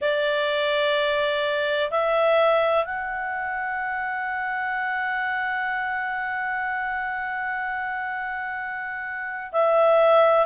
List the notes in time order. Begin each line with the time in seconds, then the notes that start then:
0.01 D5
1.90 E5
2.84 F#5
9.52 E5